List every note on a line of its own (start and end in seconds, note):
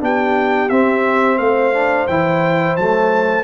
0.00 0.70 B3
0.00 0.69 D4
0.00 1.39 G4
0.00 0.69 G5
0.69 1.38 C4
0.69 1.73 C4
0.69 1.38 E5
1.38 2.07 A3
1.38 3.43 C5
1.38 2.07 F5
1.73 2.07 D4
2.07 2.77 E3
2.07 2.78 E4
2.07 2.76 G5
2.76 3.43 F#3
2.76 3.43 A3
2.76 3.43 A5